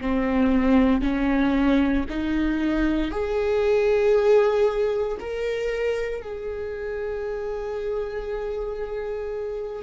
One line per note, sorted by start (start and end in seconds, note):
0.00 1.01 C4
1.01 2.05 C#4
2.09 3.10 D#4
3.10 5.17 G#4
5.20 6.22 A#4
6.22 9.82 G#4